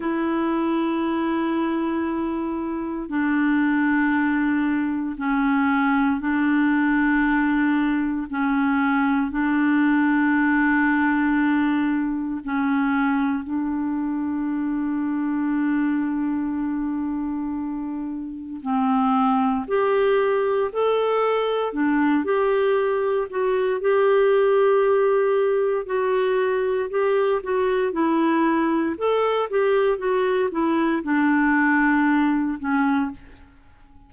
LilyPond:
\new Staff \with { instrumentName = "clarinet" } { \time 4/4 \tempo 4 = 58 e'2. d'4~ | d'4 cis'4 d'2 | cis'4 d'2. | cis'4 d'2.~ |
d'2 c'4 g'4 | a'4 d'8 g'4 fis'8 g'4~ | g'4 fis'4 g'8 fis'8 e'4 | a'8 g'8 fis'8 e'8 d'4. cis'8 | }